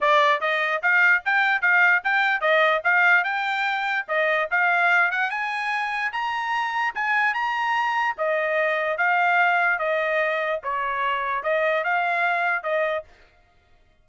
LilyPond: \new Staff \with { instrumentName = "trumpet" } { \time 4/4 \tempo 4 = 147 d''4 dis''4 f''4 g''4 | f''4 g''4 dis''4 f''4 | g''2 dis''4 f''4~ | f''8 fis''8 gis''2 ais''4~ |
ais''4 gis''4 ais''2 | dis''2 f''2 | dis''2 cis''2 | dis''4 f''2 dis''4 | }